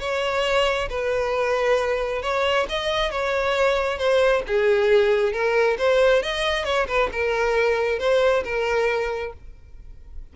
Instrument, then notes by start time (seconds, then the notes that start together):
violin
0.00 C#5
0.90 B4
2.23 C#5
2.69 D#5
3.12 C#5
3.99 C5
4.47 G#4
5.33 A#4
5.79 C5
6.23 D#5
6.65 C#5
6.88 B4
7.13 A#4
7.99 C5
8.44 A#4